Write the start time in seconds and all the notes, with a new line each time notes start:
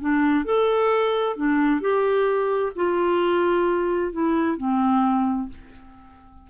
0.00 D4
0.45 A4
1.36 D4
1.80 G4
2.75 F4
4.12 E4
4.57 C4